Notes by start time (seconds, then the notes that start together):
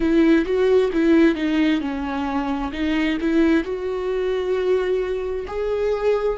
0.00 E4
0.45 F#4
0.93 E4
1.35 D#4
1.80 C#4
2.72 D#4
3.20 E4
3.64 F#4
5.47 G#4